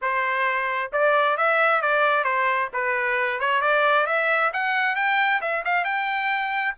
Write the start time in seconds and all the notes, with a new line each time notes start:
0.01 C5
0.92 D5
1.37 E5
1.81 D5
2.24 C5
2.73 B4
3.40 C#5
3.61 D5
4.06 E5
4.53 F#5
4.95 G5
5.41 E5
5.65 F5
5.84 G5